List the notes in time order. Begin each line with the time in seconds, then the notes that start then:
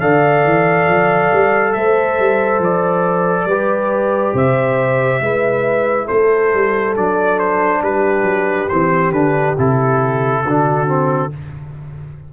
0.00 D3 A4 D5 F5
0.44 E3
0.87 F3
1.32 G3
1.72 A3 C5 E5
2.19 G3
2.58 F3 D5
3.45 G3 G4 B4
4.34 C3 C5 E5
5.20 G#3 E4 B4
6.05 A3 A4 C5
6.54 G3
6.95 F#3 D4 D5
7.38 C5
7.82 G3 G4 B4
8.22 F#3
8.68 E3 C4 C5
9.10 D3 D4 B4
9.57 C3 E4 A4
10.43 D3 D4 F#4
10.86 C4